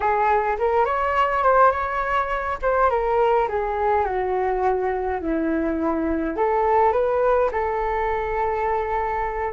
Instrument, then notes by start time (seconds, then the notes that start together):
flute
0.00 G#4
0.58 A#4
0.85 C#5
1.43 C5
1.71 C#5
2.61 C5
2.90 A#4
3.48 G#4
4.05 F#4
5.21 E4
6.36 A4
6.92 B4
7.51 A4